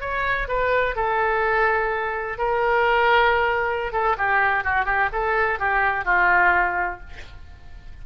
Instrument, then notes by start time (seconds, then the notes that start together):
oboe
0.00 C#5
0.48 B4
0.95 A4
2.38 A#4
3.92 A4
4.18 G4
4.64 F#4
4.85 G4
5.12 A4
5.59 G4
6.05 F4